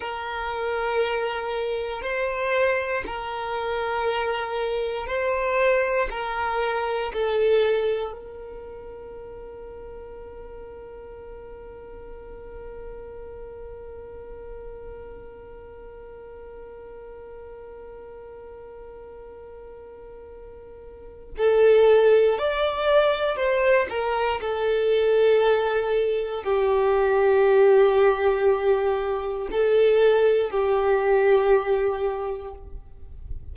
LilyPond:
\new Staff \with { instrumentName = "violin" } { \time 4/4 \tempo 4 = 59 ais'2 c''4 ais'4~ | ais'4 c''4 ais'4 a'4 | ais'1~ | ais'1~ |
ais'1~ | ais'4 a'4 d''4 c''8 ais'8 | a'2 g'2~ | g'4 a'4 g'2 | }